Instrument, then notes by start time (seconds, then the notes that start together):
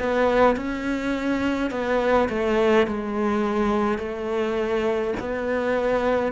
cello
0.00 B3
0.57 C#4
1.71 B3
2.30 A3
2.87 G#3
3.99 A3
5.20 B3